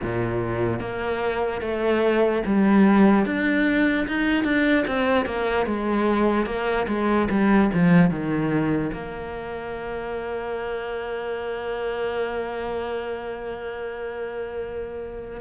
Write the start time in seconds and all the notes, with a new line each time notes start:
0.02 A#2
0.80 A#3
1.61 A3
2.46 G3
3.25 D4
4.07 D#4
4.44 D4
4.87 C4
5.25 A#3
5.66 G#3
6.45 A#3
6.87 G#3
7.30 G3
7.73 F3
8.10 D#3
8.92 A#3